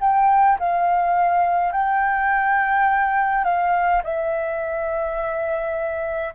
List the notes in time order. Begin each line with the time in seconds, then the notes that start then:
0.00 G5
0.59 F5
1.72 G5
3.44 F5
4.03 E5